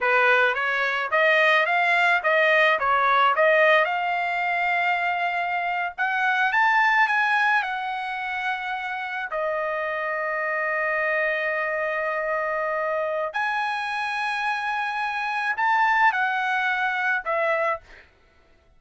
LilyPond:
\new Staff \with { instrumentName = "trumpet" } { \time 4/4 \tempo 4 = 108 b'4 cis''4 dis''4 f''4 | dis''4 cis''4 dis''4 f''4~ | f''2~ f''8. fis''4 a''16~ | a''8. gis''4 fis''2~ fis''16~ |
fis''8. dis''2.~ dis''16~ | dis''1 | gis''1 | a''4 fis''2 e''4 | }